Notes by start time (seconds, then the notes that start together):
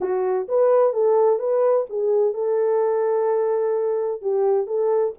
0.00 F#4
0.48 B4
0.93 A4
1.39 B4
1.89 G#4
2.34 A4
4.21 G4
4.66 A4